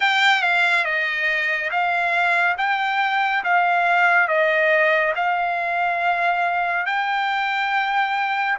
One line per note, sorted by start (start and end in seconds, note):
0.00 0.42 G5
0.42 0.84 F5
0.84 1.70 D#5
1.70 2.56 F5
2.57 3.43 G5
3.44 4.27 F5
4.27 5.13 D#5
5.15 6.86 F5
6.86 8.57 G5